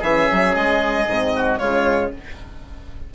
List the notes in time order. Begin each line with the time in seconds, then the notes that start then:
0.00 E3 C#4 G#4 E5
0.32 F#3
0.55 G#3 D#5
1.07 G#2 C4
1.36 F#4
1.59 C#3 G#3 F4 C#5